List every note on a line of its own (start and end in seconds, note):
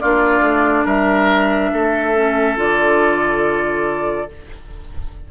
0.00 0.40 A#3
0.00 2.16 D4
0.00 0.84 F4
0.00 0.86 D5
0.40 0.83 A3
0.84 1.71 G3
0.84 1.70 A#4
0.84 2.58 E5
1.72 2.56 A3
1.72 4.31 A4
2.16 2.56 C#4
2.56 4.27 D3
2.56 4.28 F4
2.56 4.30 D5